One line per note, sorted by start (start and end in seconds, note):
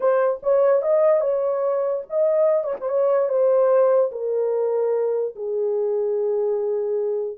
0.00 0.40 C5
0.42 0.82 C#5
0.82 1.20 D#5
1.20 2.02 C#5
2.09 2.63 D#5
2.63 2.74 C#5
2.80 2.88 C5
2.88 3.28 C#5
3.28 4.11 C5
4.11 5.35 A#4
5.35 7.37 G#4